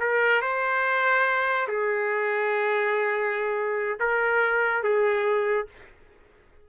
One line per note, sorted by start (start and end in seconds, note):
0.00 0.42 A#4
0.42 1.67 C5
1.68 3.99 G#4
4.00 4.83 A#4
4.83 5.67 G#4